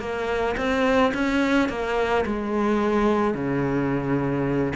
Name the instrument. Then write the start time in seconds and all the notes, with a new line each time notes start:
cello
0.00 A#3
0.57 C4
1.14 C#4
1.69 A#3
2.26 G#3
3.34 C#3